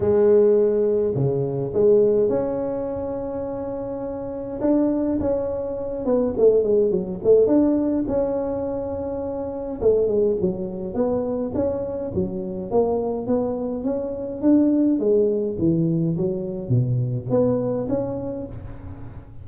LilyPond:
\new Staff \with { instrumentName = "tuba" } { \time 4/4 \tempo 4 = 104 gis2 cis4 gis4 | cis'1 | d'4 cis'4. b8 a8 gis8 | fis8 a8 d'4 cis'2~ |
cis'4 a8 gis8 fis4 b4 | cis'4 fis4 ais4 b4 | cis'4 d'4 gis4 e4 | fis4 b,4 b4 cis'4 | }